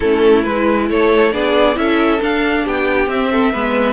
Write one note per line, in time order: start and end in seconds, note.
0.00 0.45 A3
0.00 0.46 C#4
0.00 0.88 E4
0.00 0.43 A4
0.43 0.89 G#3
0.43 1.32 E4
0.43 0.87 B4
0.89 1.33 A3
0.89 1.33 A4
0.89 1.32 C#5
1.32 1.76 B3
1.32 1.74 D4
1.32 1.77 G#4
1.32 1.76 D5
1.74 2.20 C#4
1.74 2.18 E4
1.74 2.63 A4
1.74 2.21 E5
2.20 3.08 D4
2.20 2.65 D4
2.20 2.67 F5
2.63 3.06 B3
2.63 3.30 G4
2.63 3.08 G5
3.06 3.50 C4
3.06 3.53 C4
3.06 3.93 E5
3.31 3.52 A4
3.52 3.93 G#3
3.52 3.93 B3
3.52 3.93 B4